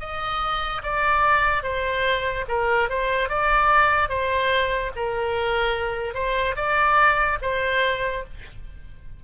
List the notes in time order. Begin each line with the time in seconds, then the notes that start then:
0.00 D#5
0.84 D5
1.63 C5
2.49 A#4
2.90 C5
3.30 D5
4.09 C5
4.96 A#4
6.15 C5
6.56 D5
7.42 C5